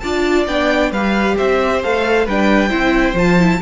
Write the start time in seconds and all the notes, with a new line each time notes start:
0.00 D4 F4 D5 A5
0.47 B3 D4 G5
0.92 G3 G4 B4 F5
1.37 C4 C5 E5
1.83 A3 A4 F5
2.26 G3 D4 B4 G5
2.69 C4 E4 C5
3.14 F3 F4 A5
3.39 E4